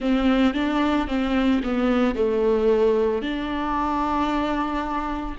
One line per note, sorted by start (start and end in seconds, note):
0.00 0.54 C4
0.54 1.07 D4
1.07 1.61 C4
1.63 2.15 B3
2.15 3.21 A3
3.21 5.36 D4